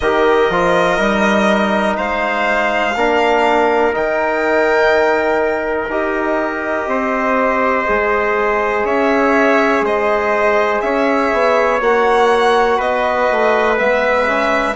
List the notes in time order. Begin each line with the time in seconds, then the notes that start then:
0.00 D#3 G4 A#4 D#5
0.49 F3 F4
0.97 G3 D#4
1.96 G#3 C5 F5
2.95 A#3 D4 A#4
3.92 D#3 D#4 G5
5.88 D#4 G4 D#5
6.86 C4 C5
7.86 G#3 G#4
8.84 C#4 C#5 E5
9.81 G#3 C5 D#5
10.81 C#4 C#5 E5
11.32 B3
11.80 A#3 F#4 F#5
12.77 B3 B4 D#5
13.31 A3
13.78 G#3 B3 E5
14.26 C#4